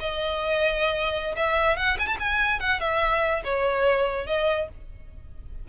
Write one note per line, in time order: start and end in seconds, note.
0.00 1.35 D#5
1.36 1.77 E5
1.77 1.98 F#5
1.99 2.06 G#5
2.06 2.17 A5
2.19 2.60 G#5
2.60 2.80 F#5
2.80 3.43 E5
3.44 4.27 C#5
4.27 4.68 D#5